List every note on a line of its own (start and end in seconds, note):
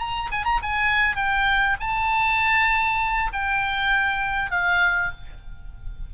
0.00 0.30 A#5
0.32 0.45 G#5
0.45 0.61 A#5
0.63 1.17 G#5
1.17 1.77 G5
1.80 3.32 A5
3.33 4.51 G5
4.51 5.12 F5